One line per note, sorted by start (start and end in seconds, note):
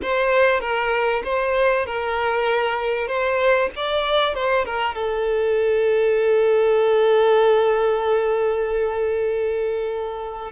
0.02 0.60 C5
0.60 1.22 A#4
1.24 1.86 C5
1.86 3.07 A#4
3.07 3.69 C5
3.76 4.34 D5
4.34 4.65 C5
4.65 4.94 A#4
4.94 10.51 A4